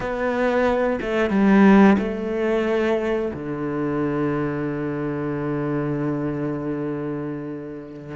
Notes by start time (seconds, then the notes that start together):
0.00 B3
1.01 A3
1.30 G3
1.98 A3
3.33 D3